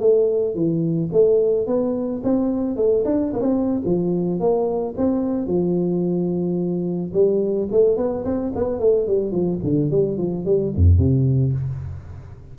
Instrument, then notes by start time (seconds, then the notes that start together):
tuba
0.00 A3
0.55 E3
1.12 A3
1.67 B3
2.24 C4
2.76 A3
3.05 D4
3.33 A#3
3.41 C4
3.85 F3
4.40 A#3
4.97 C4
5.47 F3
7.13 G3
7.71 A3
7.97 B3
8.25 C4
8.55 B3
8.79 A3
9.07 G3
9.31 F3
9.63 D3
9.91 G3
10.18 F3
10.45 G3
10.75 F2
10.98 C3